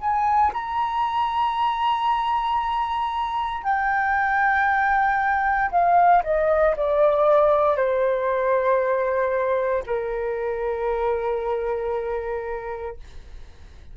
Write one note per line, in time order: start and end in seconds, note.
0.00 0.52 G#5
0.53 3.63 A#5
3.63 5.70 G5
5.71 6.23 F5
6.24 6.75 D#5
6.76 7.76 D5
7.76 9.83 C5
9.86 12.96 A#4